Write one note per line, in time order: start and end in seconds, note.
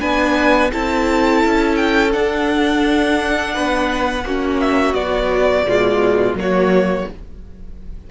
0.00 0.72 B3
0.00 0.71 D4
0.00 0.71 B4
0.00 0.71 G#5
0.71 1.44 C4
0.71 2.11 E4
0.71 3.54 A4
0.71 1.75 A5
1.45 2.15 C#4
1.75 2.11 G5
2.11 4.23 D4
2.11 3.56 D4
2.11 4.60 F#5
3.54 4.24 B3
3.54 4.24 B4
4.24 4.94 A#3
4.24 4.94 C#4
4.24 5.67 F#4
4.60 4.94 E5
4.94 5.65 F#3
4.94 5.63 B3
4.94 6.35 D5
5.63 6.33 B2
5.63 6.37 G#3
5.63 6.38 F4
6.33 7.04 F#3
6.33 7.08 A#3
6.33 7.10 C#5
6.40 7.11 F#4